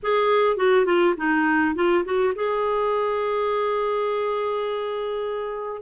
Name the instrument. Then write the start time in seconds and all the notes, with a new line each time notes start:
clarinet
0.02 G#4
0.57 F#4
0.85 F4
1.17 D#4
1.75 F4
2.04 F#4
2.35 G#4